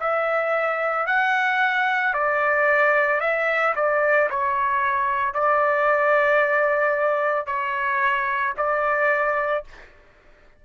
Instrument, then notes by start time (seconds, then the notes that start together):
trumpet
0.00 E5
1.07 F#5
2.14 D5
3.20 E5
3.76 D5
4.31 C#5
5.35 D5
7.47 C#5
8.58 D5